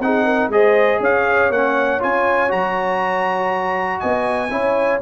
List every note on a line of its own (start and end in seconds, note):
0.00 0.49 C4
0.00 0.52 D#4
0.00 0.24 G#4
0.00 0.51 F#5
0.24 0.49 A#4
0.49 0.99 G#3
0.49 1.52 G#4
0.49 1.01 C5
0.49 1.02 D#5
1.00 1.50 C#4
1.00 3.99 C#5
1.00 1.52 F5
1.50 2.00 A#3
1.50 2.00 C#4
1.50 2.02 F#5
2.00 2.52 C#4
2.00 2.49 F4
2.00 2.51 G#5
2.49 4.02 F#3
2.49 4.49 F#4
2.49 4.00 A#5
3.99 4.51 B3
3.99 4.49 D#5
3.99 5.00 G#5
4.51 5.01 C#4
4.51 5.01 E4
4.51 5.02 C#5